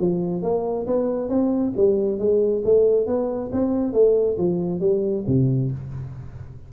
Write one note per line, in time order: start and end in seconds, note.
0.00 0.42 F3
0.42 0.86 A#3
0.87 1.29 B3
1.29 1.73 C4
1.77 2.19 G3
2.19 2.63 G#3
2.65 3.07 A3
3.07 3.51 B3
3.52 3.93 C4
3.93 4.37 A3
4.38 4.80 F3
4.80 5.25 G3
5.27 5.71 C3